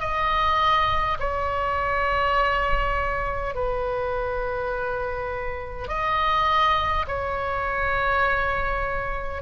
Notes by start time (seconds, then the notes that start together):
0.00 D#5
1.20 C#5
3.55 B4
5.88 D#5
7.07 C#5